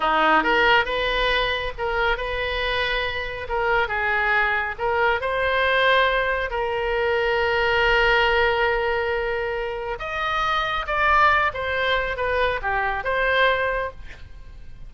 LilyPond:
\new Staff \with { instrumentName = "oboe" } { \time 4/4 \tempo 4 = 138 dis'4 ais'4 b'2 | ais'4 b'2. | ais'4 gis'2 ais'4 | c''2. ais'4~ |
ais'1~ | ais'2. dis''4~ | dis''4 d''4. c''4. | b'4 g'4 c''2 | }